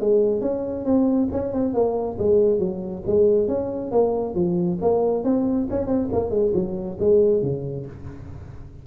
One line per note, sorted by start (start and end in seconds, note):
0.00 0.41 G#3
0.41 0.85 C#4
0.85 1.29 C4
1.32 1.53 C#4
1.53 1.74 C4
1.74 2.17 A#3
2.18 2.59 G#3
2.59 3.03 F#3
3.07 3.48 G#3
3.48 3.91 C#4
3.91 4.35 A#3
4.35 4.78 F3
4.81 5.24 A#3
5.24 5.68 C4
5.70 5.87 C#4
5.87 6.09 C4
6.12 6.30 A#3
6.30 6.52 G#3
6.54 6.98 F#3
7.00 7.42 G#3
7.42 7.86 C#3